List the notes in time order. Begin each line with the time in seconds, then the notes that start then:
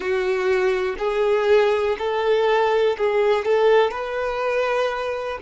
0.00 F#4
0.98 G#4
1.98 A4
2.97 G#4
3.45 A4
3.90 B4